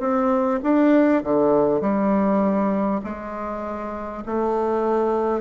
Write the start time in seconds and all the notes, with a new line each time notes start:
0.00 C4
0.63 D4
1.23 D3
1.81 G3
3.03 G#3
4.25 A3